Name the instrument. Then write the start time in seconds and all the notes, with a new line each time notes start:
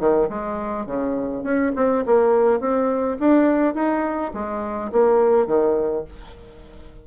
bassoon
0.00 D#3
0.30 G#3
0.86 C#3
1.44 C#4
1.76 C4
2.06 A#3
2.60 C4
3.20 D4
3.75 D#4
4.34 G#3
4.92 A#3
5.47 D#3